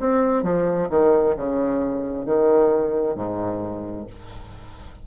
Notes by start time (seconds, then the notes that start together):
0.00 C4
0.43 F3
0.90 D#3
1.37 C#3
2.26 D#3
3.16 G#2